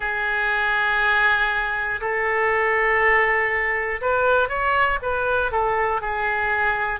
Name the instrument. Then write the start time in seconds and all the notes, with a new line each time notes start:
oboe
0.00 G#4
2.00 A4
4.00 B4
4.49 C#5
5.01 B4
5.51 A4
6.00 G#4